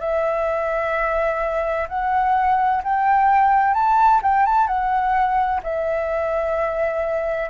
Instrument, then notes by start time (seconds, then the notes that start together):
flute
0.00 E5
1.88 F#5
2.83 G5
3.74 A5
4.22 G5
4.46 A5
4.67 F#5
5.63 E5